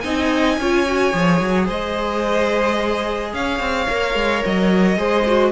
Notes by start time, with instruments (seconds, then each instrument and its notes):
0.00 cello C4, viola D#4, violin D#5 G#5
0.57 cello C#4, viola F4, violin C#5
0.86 viola F#4
1.13 cello F3, viola G#4
1.40 cello F#3
1.65 cello G#3, violin C5 D#5
3.33 cello C#4, violin C#5 F5
3.59 cello C4
3.88 cello A#3, viola A#4
4.14 cello G#3
4.44 cello F#3, violin D#5
4.97 cello G#3, viola G#4, violin C5
5.26 viola F#4